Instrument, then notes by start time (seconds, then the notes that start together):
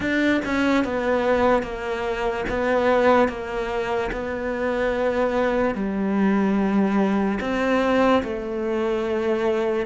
cello
0.00 D4
0.45 C#4
0.84 B3
1.62 A#3
2.49 B3
3.28 A#3
4.12 B3
5.74 G3
7.40 C4
8.23 A3